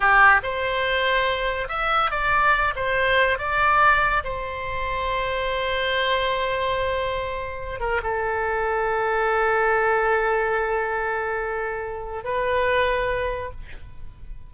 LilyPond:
\new Staff \with { instrumentName = "oboe" } { \time 4/4 \tempo 4 = 142 g'4 c''2. | e''4 d''4. c''4. | d''2 c''2~ | c''1~ |
c''2~ c''8 ais'8 a'4~ | a'1~ | a'1~ | a'4 b'2. | }